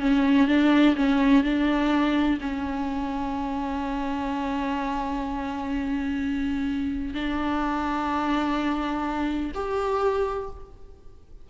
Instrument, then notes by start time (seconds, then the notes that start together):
viola
0.00 C#4
0.47 D4
0.96 C#4
1.44 D4
2.41 C#4
7.14 D4
9.54 G4